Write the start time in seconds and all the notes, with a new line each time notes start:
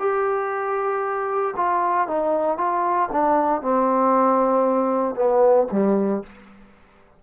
0.00 G4
1.57 F4
2.08 D#4
2.58 F4
3.12 D4
3.62 C4
5.16 B3
5.72 G3